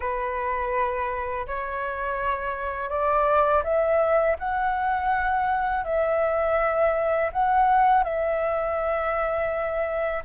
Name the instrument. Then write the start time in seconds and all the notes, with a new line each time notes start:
flute
0.00 B4
1.46 C#5
2.89 D5
3.63 E5
4.39 F#5
5.84 E5
7.32 F#5
8.03 E5